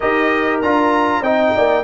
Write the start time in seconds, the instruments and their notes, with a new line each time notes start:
0.00 tuba D#4, trombone G4, horn A#4, trumpet D#5
0.61 tuba D4, trombone F4, trumpet A#5
1.21 tuba C4, trombone D#4, horn D#5, trumpet G5
1.54 tuba A#3, horn D5